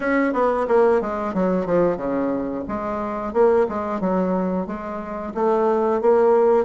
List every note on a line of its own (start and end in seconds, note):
0.00 0.33 C#4
0.33 0.66 B3
0.68 1.01 A#3
1.01 1.34 G#3
1.34 1.65 F#3
1.65 1.97 F3
1.97 2.63 C#3
2.68 3.33 G#3
3.33 3.66 A#3
3.68 4.00 G#3
4.00 4.66 F#3
4.66 5.33 G#3
5.34 6.01 A3
6.01 6.65 A#3